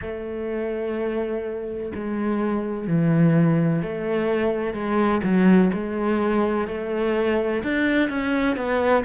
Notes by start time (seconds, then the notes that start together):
0.01 A3
1.94 G#3
2.87 E3
3.82 A3
4.73 G#3
5.23 F#3
5.73 G#3
6.67 A3
7.63 D4
8.09 C#4
8.56 B3